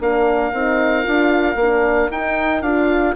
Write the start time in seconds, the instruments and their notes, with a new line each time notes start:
0.00 bassoon A#3, horn D4, flute A#4, oboe F5
0.53 bassoon C4, horn D#4
1.03 bassoon D4, horn F4
1.55 bassoon A#3
1.61 horn D4
2.11 bassoon D#4, horn D#4, oboe G5
2.62 bassoon D4, horn F4, oboe F5